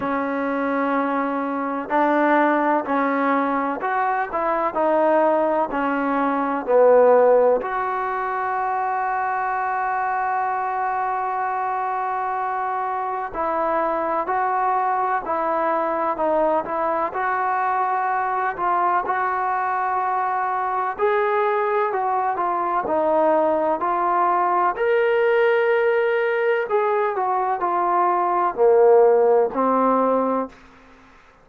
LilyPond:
\new Staff \with { instrumentName = "trombone" } { \time 4/4 \tempo 4 = 63 cis'2 d'4 cis'4 | fis'8 e'8 dis'4 cis'4 b4 | fis'1~ | fis'2 e'4 fis'4 |
e'4 dis'8 e'8 fis'4. f'8 | fis'2 gis'4 fis'8 f'8 | dis'4 f'4 ais'2 | gis'8 fis'8 f'4 ais4 c'4 | }